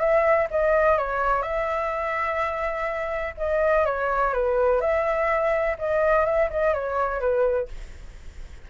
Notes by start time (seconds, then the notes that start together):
0.00 E5
0.51 D#5
0.98 C#5
1.42 E5
3.38 D#5
3.86 C#5
4.34 B4
4.81 E5
5.79 D#5
6.26 E5
6.51 D#5
6.74 C#5
7.20 B4